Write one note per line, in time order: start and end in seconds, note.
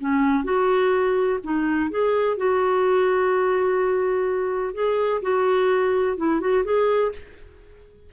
0.00 0.44 C#4
0.44 1.39 F#4
1.44 1.90 D#4
1.90 2.37 G#4
2.37 4.74 F#4
4.74 5.21 G#4
5.22 6.17 F#4
6.17 6.40 E4
6.40 6.64 F#4
6.64 7.12 G#4